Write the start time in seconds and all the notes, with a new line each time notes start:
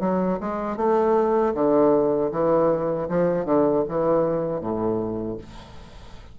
0.00 F#3
0.40 G#3
0.77 A3
1.54 D3
2.31 E3
3.08 F3
3.45 D3
3.88 E3
4.60 A2